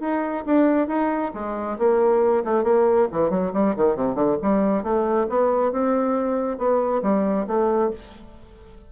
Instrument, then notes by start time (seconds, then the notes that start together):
bassoon
0.00 D#4
0.46 D4
0.88 D#4
1.34 G#3
1.78 A#3
2.44 A3
2.64 A#3
3.12 E3
3.30 F#3
3.53 G3
3.76 D#3
3.95 C3
4.15 D3
4.42 G3
4.83 A3
5.29 B3
5.72 C4
6.58 B3
7.02 G3
7.47 A3